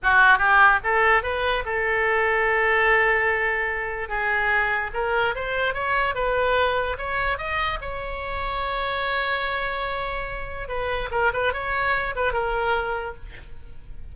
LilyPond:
\new Staff \with { instrumentName = "oboe" } { \time 4/4 \tempo 4 = 146 fis'4 g'4 a'4 b'4 | a'1~ | a'2 gis'2 | ais'4 c''4 cis''4 b'4~ |
b'4 cis''4 dis''4 cis''4~ | cis''1~ | cis''2 b'4 ais'8 b'8 | cis''4. b'8 ais'2 | }